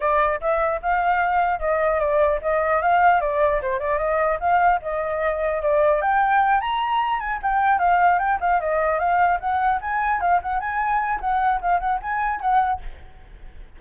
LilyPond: \new Staff \with { instrumentName = "flute" } { \time 4/4 \tempo 4 = 150 d''4 e''4 f''2 | dis''4 d''4 dis''4 f''4 | d''4 c''8 d''8 dis''4 f''4 | dis''2 d''4 g''4~ |
g''8 ais''4. gis''8 g''4 f''8~ | f''8 g''8 f''8 dis''4 f''4 fis''8~ | fis''8 gis''4 f''8 fis''8 gis''4. | fis''4 f''8 fis''8 gis''4 fis''4 | }